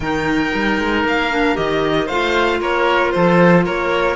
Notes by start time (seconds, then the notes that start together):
0.00 D#3 D#4 A#4 G5
0.54 G3
0.79 G#3
1.04 A#3 F5
1.31 D4
1.55 D#3 G4 D#5
2.06 A3 F4 C5 F5
2.60 A#3 A#4 C#5
3.11 F3 A4 C5
3.65 A#3 A#4 C#5